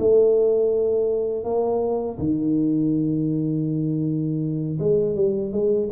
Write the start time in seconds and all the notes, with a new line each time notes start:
0.00 A3
1.44 A#3
2.19 D#3
4.80 G#3
5.16 G3
5.53 G#3